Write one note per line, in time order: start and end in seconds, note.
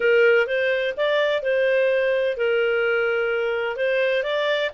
0.00 0.46 A#4
0.46 0.94 C5
0.96 1.42 D5
1.42 2.37 C5
2.37 3.76 A#4
3.76 4.23 C5
4.23 4.70 D5